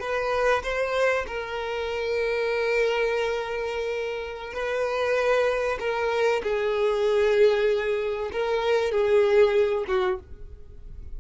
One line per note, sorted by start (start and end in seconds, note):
0.00 0.62 B4
0.63 1.25 C5
1.27 4.53 A#4
4.53 5.78 B4
5.80 6.42 A#4
6.43 8.30 G#4
8.32 8.91 A#4
8.91 9.85 G#4
9.88 10.19 F#4